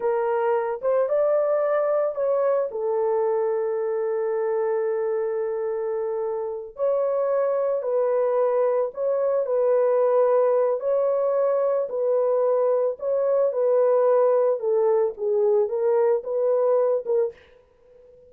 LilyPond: \new Staff \with { instrumentName = "horn" } { \time 4/4 \tempo 4 = 111 ais'4. c''8 d''2 | cis''4 a'2.~ | a'1~ | a'8 cis''2 b'4.~ |
b'8 cis''4 b'2~ b'8 | cis''2 b'2 | cis''4 b'2 a'4 | gis'4 ais'4 b'4. ais'8 | }